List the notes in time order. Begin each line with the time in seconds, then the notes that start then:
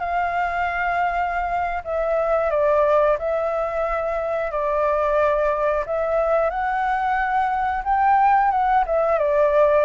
0.00 F5
1.85 E5
2.51 D5
3.19 E5
4.52 D5
5.86 E5
6.50 F#5
7.85 G5
8.52 F#5
8.87 E5
9.19 D5